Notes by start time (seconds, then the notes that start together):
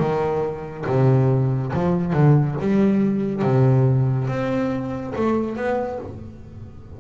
0.00 D#3
0.87 C3
1.74 F3
2.14 D3
2.61 G3
3.43 C3
4.29 C4
5.16 A3
5.57 B3